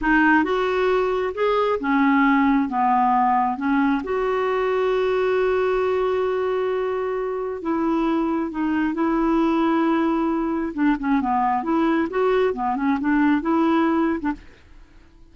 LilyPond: \new Staff \with { instrumentName = "clarinet" } { \time 4/4 \tempo 4 = 134 dis'4 fis'2 gis'4 | cis'2 b2 | cis'4 fis'2.~ | fis'1~ |
fis'4 e'2 dis'4 | e'1 | d'8 cis'8 b4 e'4 fis'4 | b8 cis'8 d'4 e'4.~ e'16 d'16 | }